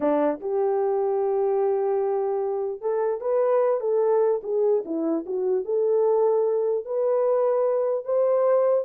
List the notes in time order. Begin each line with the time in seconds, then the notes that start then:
0.00 D4
0.40 G4
2.81 A4
3.20 B4
3.80 A4
4.43 G#4
4.85 E4
5.26 F#4
5.64 A4
6.85 B4
8.04 C5